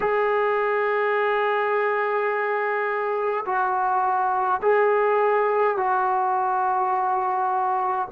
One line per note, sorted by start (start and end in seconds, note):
0.00 3.45 G#4
3.45 4.60 F#4
4.62 5.77 G#4
5.77 8.08 F#4